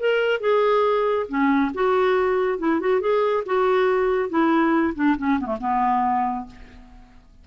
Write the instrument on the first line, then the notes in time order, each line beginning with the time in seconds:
clarinet
0.00 A#4
0.41 G#4
1.29 C#4
1.75 F#4
2.59 E4
2.81 F#4
3.01 G#4
3.46 F#4
4.30 E4
4.95 D4
5.18 C#4
5.41 A3 B3
5.61 B3